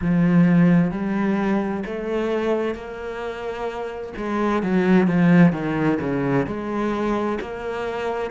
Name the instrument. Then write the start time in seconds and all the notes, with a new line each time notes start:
cello
0.01 F3
0.91 G3
1.85 A3
2.74 A#3
4.16 G#3
4.62 F#3
5.07 F3
5.52 D#3
6.00 C#3
6.46 G#3
7.41 A#3